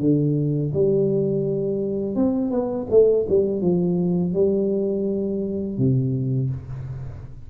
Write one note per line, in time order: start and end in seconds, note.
0.00 0.72 D3
0.74 2.16 G3
2.16 2.50 C4
2.50 2.87 B3
2.90 3.26 A3
3.29 3.61 G3
3.61 4.33 F3
4.33 5.78 G3
5.78 6.50 C3